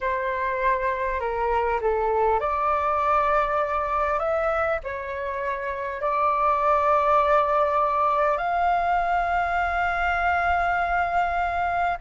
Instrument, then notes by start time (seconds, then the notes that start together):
flute
0.00 C5
1.20 A#4
1.81 A4
2.40 D5
4.19 E5
4.83 C#5
6.01 D5
8.37 F5